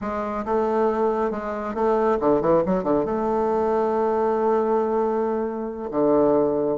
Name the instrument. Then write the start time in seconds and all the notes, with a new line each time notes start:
bassoon
0.01 G#3
0.45 A3
1.30 G#3
1.74 A3
2.20 D3
2.41 E3
2.65 F#3
2.83 D3
3.05 A3
5.90 D3